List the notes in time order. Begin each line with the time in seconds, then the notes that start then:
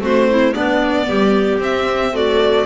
0.00 A3 C4 F#4 C5
0.30 E4
0.53 B3 D4 D5
1.08 G3 G4
1.59 C4 E5
2.13 A3 F#4 D5